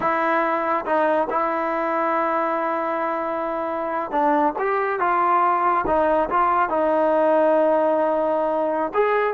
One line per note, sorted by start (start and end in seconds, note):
0.00 0.85 E4
0.85 1.28 D#4
1.29 4.11 E4
4.11 4.53 D4
4.58 4.99 G4
4.99 5.84 F4
5.86 6.29 D#4
6.29 6.69 F4
6.69 8.92 D#4
8.93 9.33 G#4